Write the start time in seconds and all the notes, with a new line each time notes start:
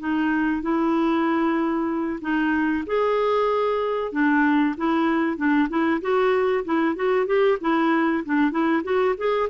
0.00 D#4
0.62 E4
2.22 D#4
2.87 G#4
4.12 D4
4.77 E4
5.37 D4
5.70 E4
6.01 F#4
6.65 E4
6.96 F#4
7.27 G4
7.61 E4
8.25 D4
8.52 E4
8.84 F#4
9.18 G#4